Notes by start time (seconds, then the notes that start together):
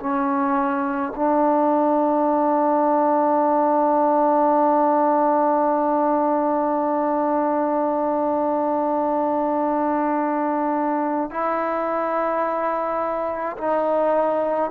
0.00 C#4
1.16 D4
11.31 E4
13.57 D#4